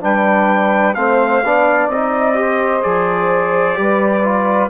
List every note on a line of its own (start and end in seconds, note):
0.00 0.95 G3
0.00 0.94 D4
0.00 0.95 B4
0.00 0.94 G5
0.94 1.42 A3
0.94 1.43 C4
0.94 1.45 C5
0.94 1.88 F5
1.43 1.87 B3
1.43 1.91 D4
1.43 2.39 D5
1.87 2.81 C4
1.87 2.34 D#4
1.87 2.82 D#5
2.34 2.81 G4
2.34 3.79 C5
2.81 3.77 F3
2.81 3.74 G#4
2.81 4.70 D5
3.74 4.70 G3
3.74 4.21 G4
3.80 4.70 B4
4.23 4.70 F4